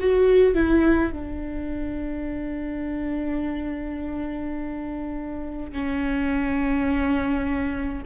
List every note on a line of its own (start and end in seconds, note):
0.00 0.55 F#4
0.55 1.12 E4
1.12 5.73 D4
5.73 8.03 C#4